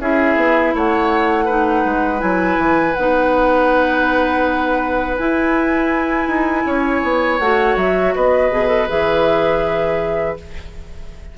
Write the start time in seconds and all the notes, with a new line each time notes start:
0.00 C#4 E4 G#4 E5
0.37 B3
0.75 A3 C#5 F#5
1.45 D#4 B4
1.85 G#3
2.19 F#3 E4 G#5
2.58 E3
2.94 B3 D#4 F#5
5.18 E4 G#5
6.28 D#4
6.65 C#4 C#5
7.03 B3
7.39 A3 F#4 F#5
7.76 F#3 E5
8.15 B3 B4 D#5
8.51 B2 G#4
8.68 A4
8.89 E3 G#4 E5